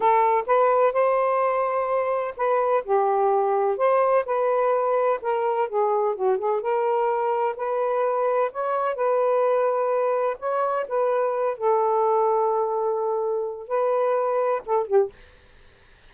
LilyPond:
\new Staff \with { instrumentName = "saxophone" } { \time 4/4 \tempo 4 = 127 a'4 b'4 c''2~ | c''4 b'4 g'2 | c''4 b'2 ais'4 | gis'4 fis'8 gis'8 ais'2 |
b'2 cis''4 b'4~ | b'2 cis''4 b'4~ | b'8 a'2.~ a'8~ | a'4 b'2 a'8 g'8 | }